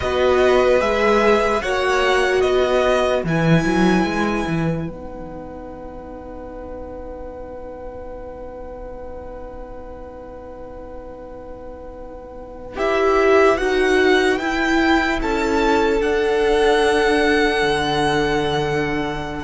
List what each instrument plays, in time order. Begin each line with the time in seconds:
0.00 cello B3, viola F#4, violin B4 D#5
0.80 cello G#3, viola G#4, violin E5
1.61 cello A#3, viola F#4, violin C#5 F#5
2.41 cello B3, violin B4 D#5
3.23 cello E3, viola E4, violin G#5
3.65 cello F#3
4.04 cello G#3
4.47 cello E3
4.87 cello B3, viola D#4, violin F#5
12.76 cello E4, viola G4, violin E5
13.57 cello D#4, viola F#4, violin F#5
14.38 cello E4, viola E4, violin G5
15.21 cello C#4, violin A4 A5
16.00 viola D4, cello D4, violin F#5
17.62 cello D3